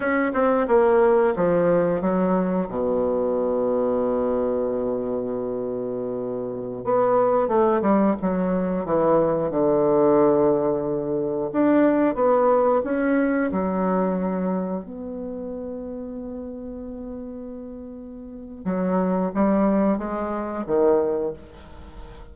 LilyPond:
\new Staff \with { instrumentName = "bassoon" } { \time 4/4 \tempo 4 = 90 cis'8 c'8 ais4 f4 fis4 | b,1~ | b,2~ b,16 b4 a8 g16~ | g16 fis4 e4 d4.~ d16~ |
d4~ d16 d'4 b4 cis'8.~ | cis'16 fis2 b4.~ b16~ | b1 | fis4 g4 gis4 dis4 | }